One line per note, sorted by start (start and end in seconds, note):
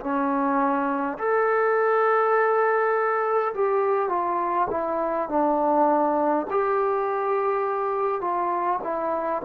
0.00 1.18 C#4
1.18 3.53 A4
3.54 4.09 G4
4.09 4.67 F4
4.70 5.28 E4
5.28 6.46 D4
6.50 8.21 G4
8.21 8.80 F4
8.83 9.42 E4